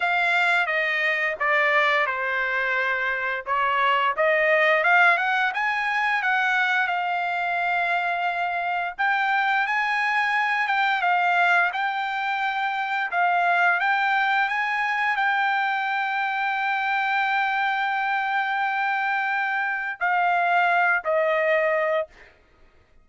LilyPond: \new Staff \with { instrumentName = "trumpet" } { \time 4/4 \tempo 4 = 87 f''4 dis''4 d''4 c''4~ | c''4 cis''4 dis''4 f''8 fis''8 | gis''4 fis''4 f''2~ | f''4 g''4 gis''4. g''8 |
f''4 g''2 f''4 | g''4 gis''4 g''2~ | g''1~ | g''4 f''4. dis''4. | }